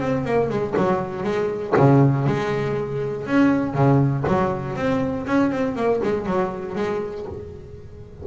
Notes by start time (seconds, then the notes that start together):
0.00 C4
0.25 A#3
0.49 G#3
0.77 F#3
1.23 G#3
1.77 C#3
2.27 G#3
3.27 C#4
3.74 C#3
4.28 F#3
4.76 C4
5.27 C#4
5.52 C4
5.76 A#3
6.03 G#3
6.26 F#3
6.75 G#3